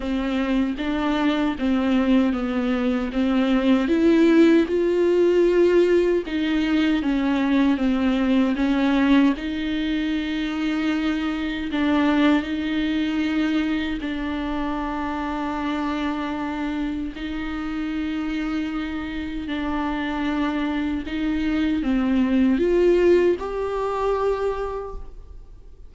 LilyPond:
\new Staff \with { instrumentName = "viola" } { \time 4/4 \tempo 4 = 77 c'4 d'4 c'4 b4 | c'4 e'4 f'2 | dis'4 cis'4 c'4 cis'4 | dis'2. d'4 |
dis'2 d'2~ | d'2 dis'2~ | dis'4 d'2 dis'4 | c'4 f'4 g'2 | }